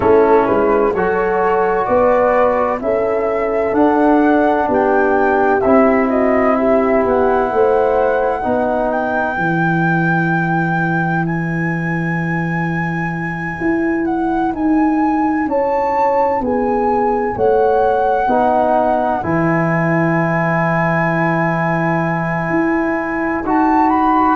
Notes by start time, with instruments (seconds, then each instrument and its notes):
0.00 tuba A3, trombone C#4, horn E4, flute A4
0.46 tuba G#3, flute B4
0.93 tuba F#3, trombone F#4, horn A4, flute C#5
1.85 tuba B3, horn B4, flute D5
2.79 tuba C#4, trombone E4, horn A4, flute E5
3.72 trombone D4, tuba D4, flute F#5
4.68 tuba B3, horn G4, flute G5
5.60 tuba C4, trombone E4, flute E5
6.08 horn F#4, flute D#5
6.55 horn G4, flute E5
7.05 tuba B3, flute F#5
7.51 tuba A3, horn C5
8.39 tuba B3, trombone D#4, horn B4
8.91 flute G5
9.36 tuba E3, trombone E4
11.25 flute G#5
13.60 tuba E4
14.05 flute F#5
14.53 tuba D#4, flute G#5
15.46 tuba C#4, horn C#5, flute A5
16.40 tuba B3, horn G#4, flute G#5
17.35 tuba A3, horn C#5, flute F#5
18.27 tuba B3, trombone D#4, horn B4
19.22 tuba E3, trombone E4, flute G#5
22.49 tuba E4
23.42 tuba D#4, trombone F#4, flute A5
23.89 flute B5